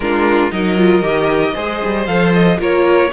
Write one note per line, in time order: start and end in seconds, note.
0.00 0.50 G#3
0.00 0.51 D4
0.00 0.52 F4
0.00 0.51 A#4
0.51 1.01 F#3
0.51 0.77 D#4
0.51 1.54 A#4
0.51 2.06 D#5
0.77 1.02 F4
1.01 1.53 D#3
1.01 1.53 G4
1.54 1.82 G#3
1.54 2.06 G#4
1.54 2.57 C5
1.83 2.07 G3
2.06 2.58 F3
2.06 2.58 A4
2.06 2.32 F5
2.33 2.59 D#5
2.58 3.11 A#3
2.58 3.09 F4
2.58 3.11 A#4
2.58 3.12 C#5